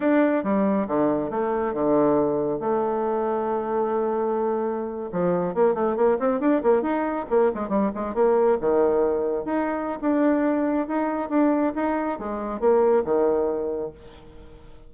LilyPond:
\new Staff \with { instrumentName = "bassoon" } { \time 4/4 \tempo 4 = 138 d'4 g4 d4 a4 | d2 a2~ | a2.~ a8. f16~ | f8. ais8 a8 ais8 c'8 d'8 ais8 dis'16~ |
dis'8. ais8 gis8 g8 gis8 ais4 dis16~ | dis4.~ dis16 dis'4~ dis'16 d'4~ | d'4 dis'4 d'4 dis'4 | gis4 ais4 dis2 | }